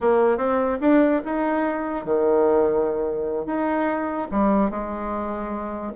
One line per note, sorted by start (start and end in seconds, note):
0.00 0.37 A#3
0.37 0.78 C4
0.81 1.21 D4
1.24 2.05 D#4
2.05 3.45 D#3
3.45 4.27 D#4
4.31 4.70 G3
4.70 5.92 G#3